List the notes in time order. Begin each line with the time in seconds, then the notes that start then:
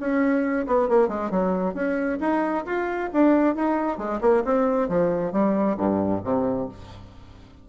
0.00 C#4
0.67 B3
0.89 A#3
1.08 G#3
1.31 F#3
1.75 C#4
2.21 D#4
2.66 F4
3.13 D4
3.56 D#4
3.98 G#3
4.21 A#3
4.45 C4
4.89 F3
5.33 G3
5.78 G2
6.24 C3